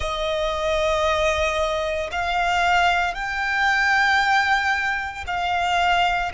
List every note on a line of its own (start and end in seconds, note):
0.00 2.10 D#5
2.11 3.13 F5
3.13 5.24 G5
5.26 6.32 F5